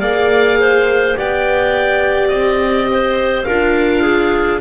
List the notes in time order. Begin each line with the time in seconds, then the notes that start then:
0.00 A#3 G#4 D5 F5
0.61 C5
1.15 B3 G4 D5 G5
2.29 C4 D#5
2.92 C5
3.44 D4 F4 A#4 F5
4.03 G#4